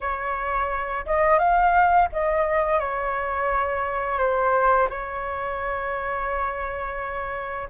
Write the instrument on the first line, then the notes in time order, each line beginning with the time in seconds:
flute
0.01 C#5
1.06 D#5
1.38 F5
2.12 D#5
2.79 C#5
4.18 C5
4.89 C#5